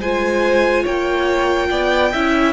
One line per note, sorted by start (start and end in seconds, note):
0.00 0.85 G#3
0.00 2.14 F4
0.00 0.84 C5
0.00 0.86 G#5
0.84 1.71 A#3
0.84 1.68 C#5
0.84 2.53 G5
1.70 2.13 B3
1.70 2.12 D5
2.12 2.53 C#4
2.12 2.53 E4
2.12 2.53 E5